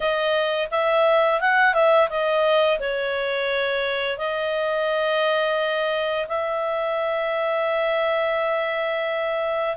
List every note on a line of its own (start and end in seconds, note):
0.00 0.68 D#5
0.70 1.40 E5
1.40 1.74 F#5
1.74 2.09 E5
2.09 2.79 D#5
2.79 4.18 C#5
4.18 6.27 D#5
6.28 9.76 E5